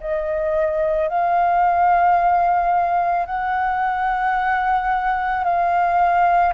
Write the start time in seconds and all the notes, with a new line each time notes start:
0.00 D#5
1.09 F5
3.26 F#5
5.44 F5